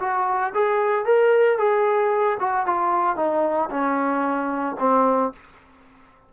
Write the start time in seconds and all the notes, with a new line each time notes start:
0.00 F#4
0.54 G#4
1.05 A#4
1.58 G#4
2.40 F#4
2.66 F4
3.17 D#4
3.70 C#4
4.80 C4